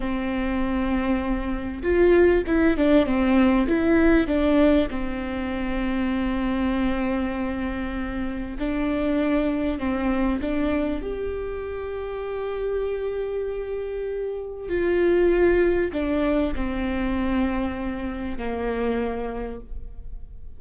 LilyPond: \new Staff \with { instrumentName = "viola" } { \time 4/4 \tempo 4 = 98 c'2. f'4 | e'8 d'8 c'4 e'4 d'4 | c'1~ | c'2 d'2 |
c'4 d'4 g'2~ | g'1 | f'2 d'4 c'4~ | c'2 ais2 | }